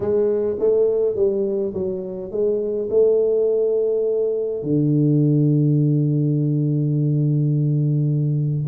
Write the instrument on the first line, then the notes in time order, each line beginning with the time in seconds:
tuba
0.00 G#3
0.59 A3
1.15 G3
1.74 F#3
2.31 G#3
2.90 A3
4.62 D3